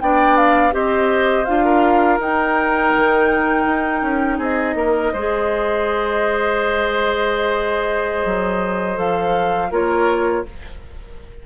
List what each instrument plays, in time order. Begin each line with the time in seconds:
0.00 bassoon B3, clarinet D4, oboe D5, flute G5
0.37 flute F5
0.71 bassoon C4, clarinet G4, oboe C5, flute D#5
1.45 bassoon D4, clarinet F4, flute F5
1.64 oboe A#4
2.18 bassoon D#4, clarinet D#4, flute G5
2.95 bassoon D#3
3.65 bassoon D#4
4.02 bassoon C#4
4.38 bassoon C4, oboe G#4, flute D#5
4.75 bassoon A#3, oboe A#4
5.12 bassoon G#3, clarinet G#4, oboe C5
8.25 bassoon F#3
8.95 bassoon F3, clarinet A4, flute F5
9.70 bassoon A#3, clarinet F4, oboe A#4, flute C#5